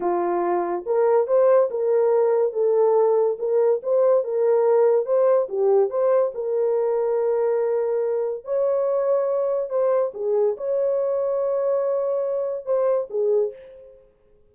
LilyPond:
\new Staff \with { instrumentName = "horn" } { \time 4/4 \tempo 4 = 142 f'2 ais'4 c''4 | ais'2 a'2 | ais'4 c''4 ais'2 | c''4 g'4 c''4 ais'4~ |
ais'1 | cis''2. c''4 | gis'4 cis''2.~ | cis''2 c''4 gis'4 | }